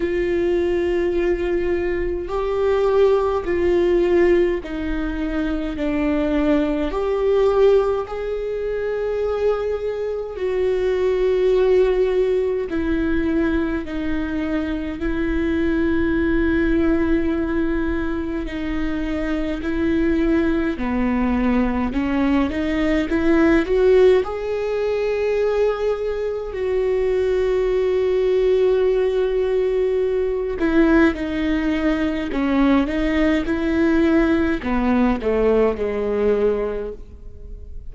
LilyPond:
\new Staff \with { instrumentName = "viola" } { \time 4/4 \tempo 4 = 52 f'2 g'4 f'4 | dis'4 d'4 g'4 gis'4~ | gis'4 fis'2 e'4 | dis'4 e'2. |
dis'4 e'4 b4 cis'8 dis'8 | e'8 fis'8 gis'2 fis'4~ | fis'2~ fis'8 e'8 dis'4 | cis'8 dis'8 e'4 b8 a8 gis4 | }